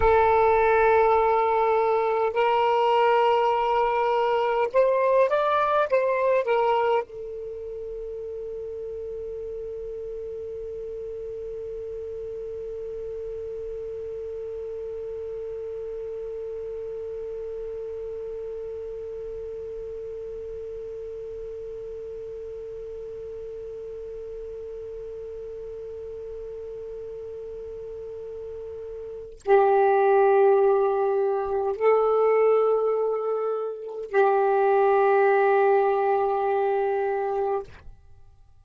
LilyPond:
\new Staff \with { instrumentName = "saxophone" } { \time 4/4 \tempo 4 = 51 a'2 ais'2 | c''8 d''8 c''8 ais'8 a'2~ | a'1~ | a'1~ |
a'1~ | a'1~ | a'4 g'2 a'4~ | a'4 g'2. | }